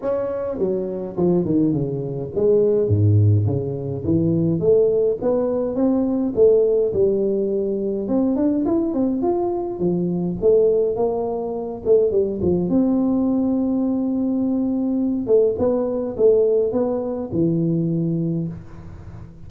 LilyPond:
\new Staff \with { instrumentName = "tuba" } { \time 4/4 \tempo 4 = 104 cis'4 fis4 f8 dis8 cis4 | gis4 gis,4 cis4 e4 | a4 b4 c'4 a4 | g2 c'8 d'8 e'8 c'8 |
f'4 f4 a4 ais4~ | ais8 a8 g8 f8 c'2~ | c'2~ c'8 a8 b4 | a4 b4 e2 | }